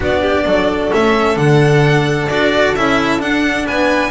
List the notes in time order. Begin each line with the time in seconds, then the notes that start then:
0.00 B3 D4 F#4 D5
0.21 G4
0.45 F#3 A4
0.91 A3 C#4 E5
1.36 D3 D4 F#5
2.28 D4 F#4 D5
2.75 C#4 E4 E5
3.19 D4 F#5
3.66 B3 B4 G#5